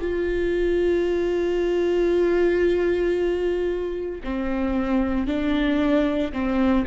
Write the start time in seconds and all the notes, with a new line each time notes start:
0.00 F4
4.23 C4
5.26 D4
6.33 C4